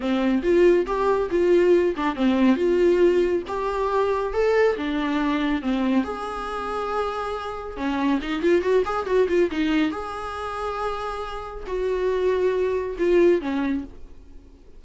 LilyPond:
\new Staff \with { instrumentName = "viola" } { \time 4/4 \tempo 4 = 139 c'4 f'4 g'4 f'4~ | f'8 d'8 c'4 f'2 | g'2 a'4 d'4~ | d'4 c'4 gis'2~ |
gis'2 cis'4 dis'8 f'8 | fis'8 gis'8 fis'8 f'8 dis'4 gis'4~ | gis'2. fis'4~ | fis'2 f'4 cis'4 | }